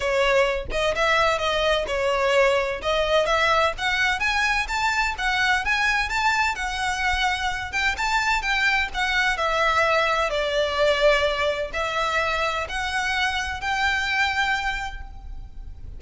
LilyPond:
\new Staff \with { instrumentName = "violin" } { \time 4/4 \tempo 4 = 128 cis''4. dis''8 e''4 dis''4 | cis''2 dis''4 e''4 | fis''4 gis''4 a''4 fis''4 | gis''4 a''4 fis''2~ |
fis''8 g''8 a''4 g''4 fis''4 | e''2 d''2~ | d''4 e''2 fis''4~ | fis''4 g''2. | }